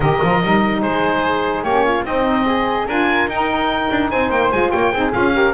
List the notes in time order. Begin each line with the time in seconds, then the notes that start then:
0.00 D#3 G4 A#4 D#5
0.22 F3 F4
0.42 G3 D#4
0.81 G#3 G#4 C5
1.63 A#3 C#4 G4 C#5
1.84 F4
2.04 C4 D#4 D#5
2.46 G#4
2.86 D4 F4 A#4 G#5
3.27 D#4 G5
3.90 D4
4.10 C4 C5 G#5
4.30 A#3 G5
4.51 G#3 F4 G#5
4.70 A#3 C#5 G5
4.91 C4 D#4 G#4
5.12 C#4 F4 F5
5.32 G4 A#4